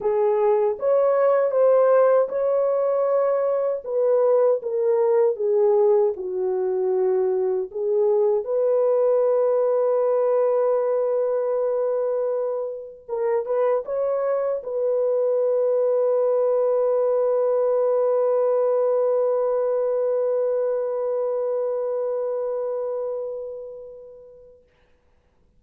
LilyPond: \new Staff \with { instrumentName = "horn" } { \time 4/4 \tempo 4 = 78 gis'4 cis''4 c''4 cis''4~ | cis''4 b'4 ais'4 gis'4 | fis'2 gis'4 b'4~ | b'1~ |
b'4 ais'8 b'8 cis''4 b'4~ | b'1~ | b'1~ | b'1 | }